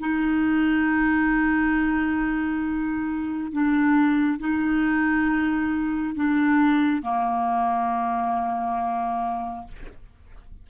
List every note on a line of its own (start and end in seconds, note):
0.00 3.53 D#4
3.53 4.40 D4
4.40 6.16 D#4
6.16 7.03 D4
7.03 9.68 A#3